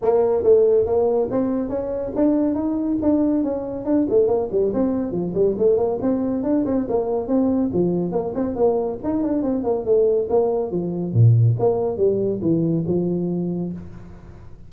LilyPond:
\new Staff \with { instrumentName = "tuba" } { \time 4/4 \tempo 4 = 140 ais4 a4 ais4 c'4 | cis'4 d'4 dis'4 d'4 | cis'4 d'8 a8 ais8 g8 c'4 | f8 g8 a8 ais8 c'4 d'8 c'8 |
ais4 c'4 f4 ais8 c'8 | ais4 dis'8 d'8 c'8 ais8 a4 | ais4 f4 ais,4 ais4 | g4 e4 f2 | }